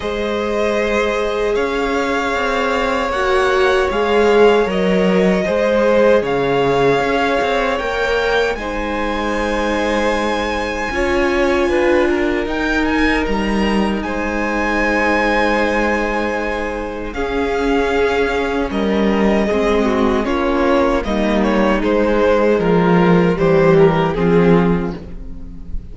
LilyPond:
<<
  \new Staff \with { instrumentName = "violin" } { \time 4/4 \tempo 4 = 77 dis''2 f''2 | fis''4 f''4 dis''2 | f''2 g''4 gis''4~ | gis''1 |
g''8 gis''8 ais''4 gis''2~ | gis''2 f''2 | dis''2 cis''4 dis''8 cis''8 | c''4 ais'4 c''8 ais'8 gis'4 | }
  \new Staff \with { instrumentName = "violin" } { \time 4/4 c''2 cis''2~ | cis''2. c''4 | cis''2. c''4~ | c''2 cis''4 b'8 ais'8~ |
ais'2 c''2~ | c''2 gis'2 | ais'4 gis'8 fis'8 f'4 dis'4~ | dis'4 f'4 g'4 f'4 | }
  \new Staff \with { instrumentName = "viola" } { \time 4/4 gis'1 | fis'4 gis'4 ais'4 gis'4~ | gis'2 ais'4 dis'4~ | dis'2 f'2 |
dis'1~ | dis'2 cis'2~ | cis'4 c'4 cis'4 ais4 | gis2 g4 c'4 | }
  \new Staff \with { instrumentName = "cello" } { \time 4/4 gis2 cis'4 c'4 | ais4 gis4 fis4 gis4 | cis4 cis'8 c'8 ais4 gis4~ | gis2 cis'4 d'4 |
dis'4 g4 gis2~ | gis2 cis'2 | g4 gis4 ais4 g4 | gis4 f4 e4 f4 | }
>>